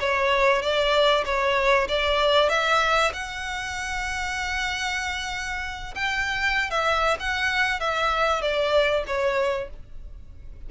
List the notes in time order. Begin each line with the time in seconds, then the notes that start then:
0.00 C#5
0.62 D5
1.25 C#5
1.88 D5
2.49 E5
3.13 F#5
5.95 G5
6.70 E5
7.20 F#5
7.80 E5
8.41 D5
9.07 C#5